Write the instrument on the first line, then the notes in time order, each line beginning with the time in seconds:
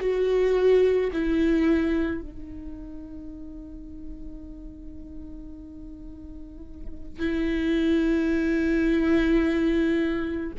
viola
0.00 F#4
1.13 E4
2.21 D#4
7.19 E4